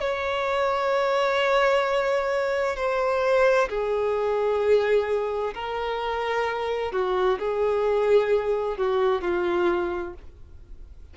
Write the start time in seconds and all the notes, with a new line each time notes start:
0.00 C#5
2.76 C5
3.69 G#4
5.54 A#4
6.92 F#4
7.39 G#4
8.77 F#4
9.21 F4